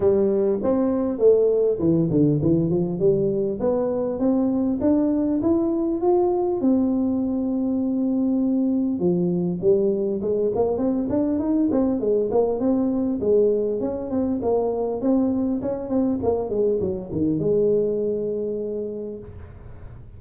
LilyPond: \new Staff \with { instrumentName = "tuba" } { \time 4/4 \tempo 4 = 100 g4 c'4 a4 e8 d8 | e8 f8 g4 b4 c'4 | d'4 e'4 f'4 c'4~ | c'2. f4 |
g4 gis8 ais8 c'8 d'8 dis'8 c'8 | gis8 ais8 c'4 gis4 cis'8 c'8 | ais4 c'4 cis'8 c'8 ais8 gis8 | fis8 dis8 gis2. | }